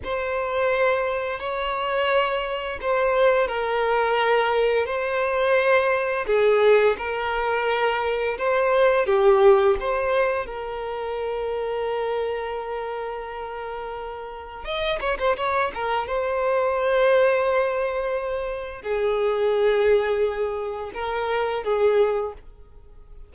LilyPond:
\new Staff \with { instrumentName = "violin" } { \time 4/4 \tempo 4 = 86 c''2 cis''2 | c''4 ais'2 c''4~ | c''4 gis'4 ais'2 | c''4 g'4 c''4 ais'4~ |
ais'1~ | ais'4 dis''8 cis''16 c''16 cis''8 ais'8 c''4~ | c''2. gis'4~ | gis'2 ais'4 gis'4 | }